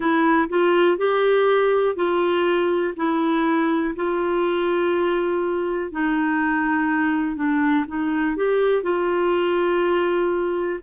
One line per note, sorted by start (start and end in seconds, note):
0.00 0.48 E4
0.49 0.97 F4
0.97 1.95 G4
1.95 2.94 F4
2.96 3.94 E4
3.95 5.92 F4
5.92 7.35 D#4
7.35 7.85 D4
7.87 8.36 D#4
8.36 8.83 G4
8.83 10.79 F4